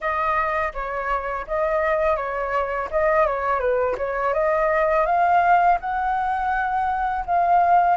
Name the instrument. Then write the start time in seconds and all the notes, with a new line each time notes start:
flute
0.00 D#5
0.73 C#5
1.47 D#5
2.16 C#5
2.90 D#5
3.26 C#5
3.59 B4
3.97 C#5
4.33 D#5
5.06 F5
5.80 F#5
7.26 F5